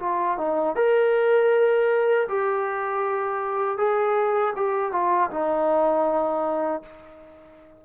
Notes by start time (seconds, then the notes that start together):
0.00 F4
0.38 D#4
0.76 A#4
2.29 G4
3.78 G#4
4.56 G4
4.93 F4
5.31 D#4